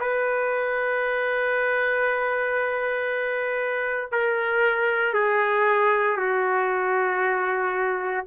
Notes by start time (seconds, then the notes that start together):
0.00 B4
4.12 A#4
5.14 G#4
6.17 F#4